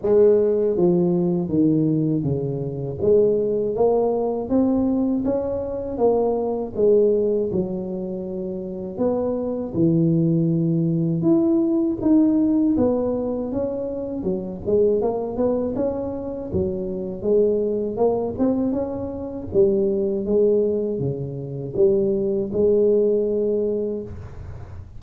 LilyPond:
\new Staff \with { instrumentName = "tuba" } { \time 4/4 \tempo 4 = 80 gis4 f4 dis4 cis4 | gis4 ais4 c'4 cis'4 | ais4 gis4 fis2 | b4 e2 e'4 |
dis'4 b4 cis'4 fis8 gis8 | ais8 b8 cis'4 fis4 gis4 | ais8 c'8 cis'4 g4 gis4 | cis4 g4 gis2 | }